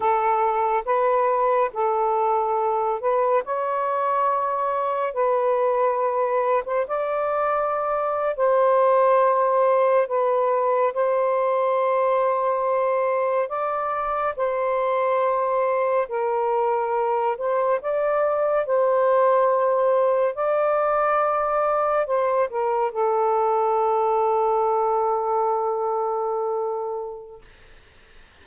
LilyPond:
\new Staff \with { instrumentName = "saxophone" } { \time 4/4 \tempo 4 = 70 a'4 b'4 a'4. b'8 | cis''2 b'4.~ b'16 c''16 | d''4.~ d''16 c''2 b'16~ | b'8. c''2. d''16~ |
d''8. c''2 ais'4~ ais'16~ | ais'16 c''8 d''4 c''2 d''16~ | d''4.~ d''16 c''8 ais'8 a'4~ a'16~ | a'1 | }